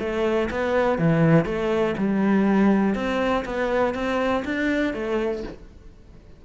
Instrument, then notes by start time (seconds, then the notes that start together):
cello
0.00 A3
0.51 B3
0.99 E3
1.46 A3
1.98 G3
2.95 C4
3.46 B3
3.95 C4
4.45 D4
4.94 A3